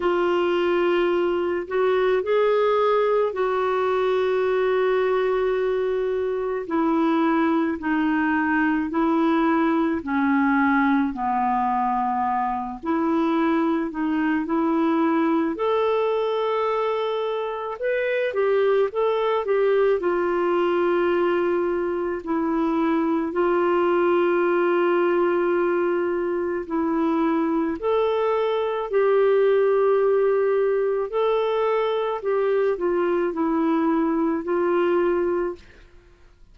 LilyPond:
\new Staff \with { instrumentName = "clarinet" } { \time 4/4 \tempo 4 = 54 f'4. fis'8 gis'4 fis'4~ | fis'2 e'4 dis'4 | e'4 cis'4 b4. e'8~ | e'8 dis'8 e'4 a'2 |
b'8 g'8 a'8 g'8 f'2 | e'4 f'2. | e'4 a'4 g'2 | a'4 g'8 f'8 e'4 f'4 | }